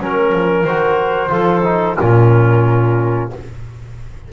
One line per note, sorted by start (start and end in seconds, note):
0.00 0.32 F#3
0.00 0.66 C#4
0.00 1.30 A#4
0.00 0.65 A#4
0.32 0.64 F3
0.64 1.30 D#3
0.64 1.29 F#4
0.64 1.97 C5
1.29 1.98 F3
1.29 1.62 F4
1.29 1.96 A4
1.63 1.96 D#4
1.98 3.32 A#2
1.98 3.31 C#4
1.98 3.30 F4
1.98 3.30 A#4